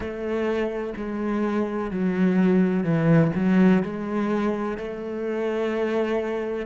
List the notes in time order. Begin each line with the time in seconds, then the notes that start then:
0.00 A3
0.97 G#3
1.90 F#3
2.83 E3
3.35 F#3
3.82 G#3
4.77 A3